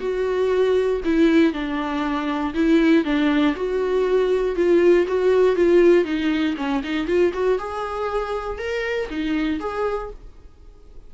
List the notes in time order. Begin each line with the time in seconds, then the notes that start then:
0.00 F#4
1.04 E4
1.53 D4
2.54 E4
3.04 D4
3.55 F#4
4.56 F4
5.07 F#4
5.55 F4
6.04 D#4
6.56 C#4
6.83 D#4
7.07 F4
7.33 F#4
7.58 G#4
8.58 A#4
9.09 D#4
9.59 G#4